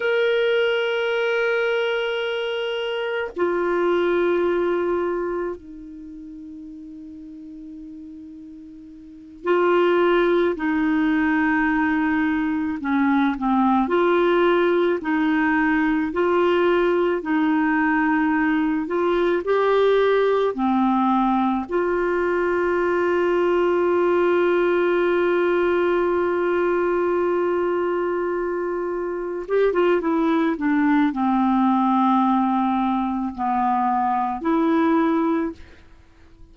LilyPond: \new Staff \with { instrumentName = "clarinet" } { \time 4/4 \tempo 4 = 54 ais'2. f'4~ | f'4 dis'2.~ | dis'8 f'4 dis'2 cis'8 | c'8 f'4 dis'4 f'4 dis'8~ |
dis'4 f'8 g'4 c'4 f'8~ | f'1~ | f'2~ f'8 g'16 f'16 e'8 d'8 | c'2 b4 e'4 | }